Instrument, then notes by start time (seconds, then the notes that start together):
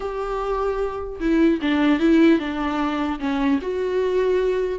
viola
0.00 G4
1.19 E4
1.61 D4
1.99 E4
2.39 D4
3.19 C#4
3.61 F#4